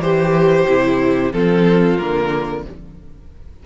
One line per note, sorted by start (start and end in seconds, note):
0.00 0.65 E3
0.00 0.66 G4
0.00 1.33 G4
0.00 1.32 C5
0.67 1.32 C3
0.67 1.33 E4
1.32 1.97 F3
1.32 1.99 C4
1.32 2.63 F4
1.32 1.97 A4
1.97 2.65 D3
1.97 2.64 A#3
1.97 2.63 A#4